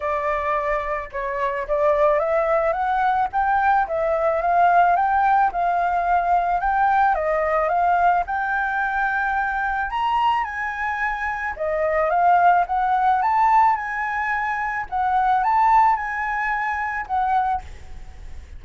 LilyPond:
\new Staff \with { instrumentName = "flute" } { \time 4/4 \tempo 4 = 109 d''2 cis''4 d''4 | e''4 fis''4 g''4 e''4 | f''4 g''4 f''2 | g''4 dis''4 f''4 g''4~ |
g''2 ais''4 gis''4~ | gis''4 dis''4 f''4 fis''4 | a''4 gis''2 fis''4 | a''4 gis''2 fis''4 | }